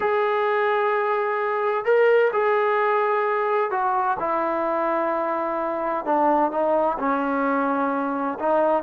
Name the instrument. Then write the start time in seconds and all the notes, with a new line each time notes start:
trombone
0.00 G#4
1.84 A#4
2.32 G#4
3.70 F#4
4.19 E4
6.05 D4
6.51 D#4
6.98 C#4
8.39 D#4